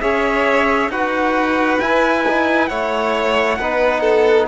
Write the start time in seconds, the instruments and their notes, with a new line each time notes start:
0.00 cello C#4, trombone G#4, violin C#5, trumpet E5
0.89 cello D#4, trombone F#4, violin B4, trumpet F#5
1.80 trombone E4, cello E4, trumpet G#5
2.27 trombone D#4
2.68 cello A3, trombone E4, violin C#5, trumpet F#5
3.59 cello B3, trombone D#4, violin B4
4.01 violin A4